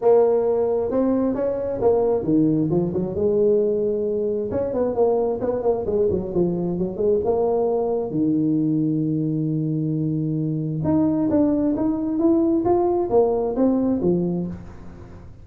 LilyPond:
\new Staff \with { instrumentName = "tuba" } { \time 4/4 \tempo 4 = 133 ais2 c'4 cis'4 | ais4 dis4 f8 fis8 gis4~ | gis2 cis'8 b8 ais4 | b8 ais8 gis8 fis8 f4 fis8 gis8 |
ais2 dis2~ | dis1 | dis'4 d'4 dis'4 e'4 | f'4 ais4 c'4 f4 | }